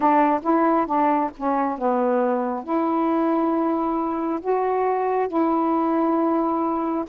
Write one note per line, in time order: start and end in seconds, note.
0.00 0.40 D4
0.42 0.86 E4
0.86 1.30 D4
1.37 1.78 C#4
1.78 2.63 B3
2.63 4.40 E4
4.40 5.28 F#4
5.28 7.04 E4